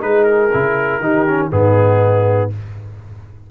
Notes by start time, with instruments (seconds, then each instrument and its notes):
0.00 tuba G#3, trombone D#4, horn G#4, trumpet B4
0.24 trumpet A#4
0.53 tuba C#3, trombone E4
1.00 tuba D#3, trombone D#4, horn G4
1.28 trombone C#4
1.50 tuba G#2, trombone B3, horn D#4, trumpet G#4